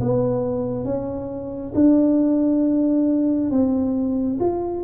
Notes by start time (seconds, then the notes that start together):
0.00 B3
0.85 C#4
1.74 D4
3.50 C4
4.40 F4